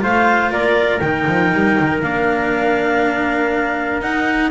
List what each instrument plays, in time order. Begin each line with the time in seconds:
0.00 double bass A3, cello F4, trumpet C5, clarinet F5
0.50 double bass A#3, trumpet A#4, clarinet D5
0.99 double bass D#3, cello D#4, clarinet G5
1.27 double bass F3
1.53 double bass G3
1.80 double bass D#3
2.02 double bass A#3, cello D4, clarinet F5
4.01 double bass D#4, cello D#4, clarinet F#5